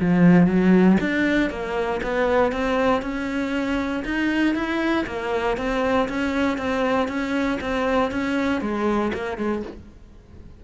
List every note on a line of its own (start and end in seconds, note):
0.00 0.46 F3
0.46 0.97 F#3
1.00 1.50 D4
1.50 2.01 A#3
2.02 2.52 B3
2.52 3.02 C4
3.02 4.04 C#4
4.05 4.54 D#4
4.54 5.05 E4
5.06 5.57 A#3
5.57 6.08 C4
6.09 6.57 C#4
6.57 7.08 C4
7.08 7.59 C#4
7.60 8.11 C4
8.11 8.61 C#4
8.61 9.12 G#3
9.14 9.37 A#3
9.37 9.63 G#3